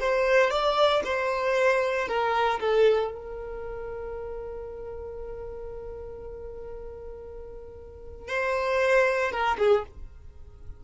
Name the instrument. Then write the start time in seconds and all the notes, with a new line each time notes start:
violin
0.00 C5
0.51 D5
1.04 C5
2.08 A#4
2.60 A4
3.12 A#4
8.28 C5
9.32 A#4
9.58 G#4